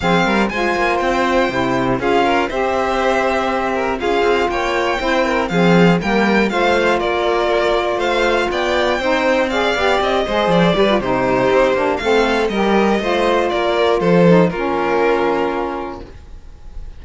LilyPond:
<<
  \new Staff \with { instrumentName = "violin" } { \time 4/4 \tempo 4 = 120 f''4 gis''4 g''2 | f''4 e''2. | f''4 g''2 f''4 | g''4 f''4 d''2 |
f''4 g''2 f''4 | dis''4 d''4 c''2 | f''4 dis''2 d''4 | c''4 ais'2. | }
  \new Staff \with { instrumentName = "violin" } { \time 4/4 gis'8 ais'8 c''2. | gis'8 ais'8 c''2~ c''8 ais'8 | gis'4 cis''4 c''8 ais'8 gis'4 | ais'4 c''4 ais'2 |
c''4 d''4 c''4 d''4~ | d''8 c''4 b'8 g'2 | a'4 ais'4 c''4 ais'4 | a'4 f'2. | }
  \new Staff \with { instrumentName = "saxophone" } { \time 4/4 c'4 f'2 e'4 | f'4 g'2. | f'2 e'4 c'4 | ais4 f'2.~ |
f'2 dis'4 gis'8 g'8~ | g'8 gis'4 g'16 f'16 dis'4. d'8 | c'4 g'4 f'2~ | f'8 dis'8 cis'2. | }
  \new Staff \with { instrumentName = "cello" } { \time 4/4 f8 g8 gis8 ais8 c'4 c4 | cis'4 c'2. | cis'8 c'8 ais4 c'4 f4 | g4 a4 ais2 |
a4 b4 c'4. b8 | c'8 gis8 f8 g8 c4 c'8 ais8 | a4 g4 a4 ais4 | f4 ais2. | }
>>